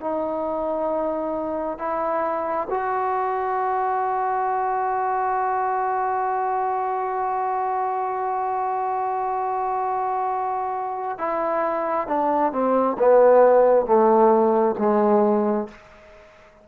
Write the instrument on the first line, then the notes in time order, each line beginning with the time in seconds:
trombone
0.00 D#4
1.78 E4
2.70 F#4
11.19 E4
12.08 D4
12.52 C4
12.99 B3
13.86 A3
14.78 G#3